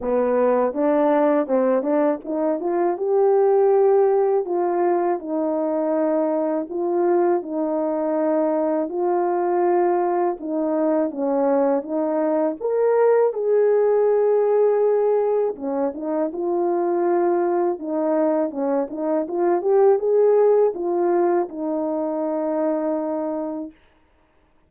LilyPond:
\new Staff \with { instrumentName = "horn" } { \time 4/4 \tempo 4 = 81 b4 d'4 c'8 d'8 dis'8 f'8 | g'2 f'4 dis'4~ | dis'4 f'4 dis'2 | f'2 dis'4 cis'4 |
dis'4 ais'4 gis'2~ | gis'4 cis'8 dis'8 f'2 | dis'4 cis'8 dis'8 f'8 g'8 gis'4 | f'4 dis'2. | }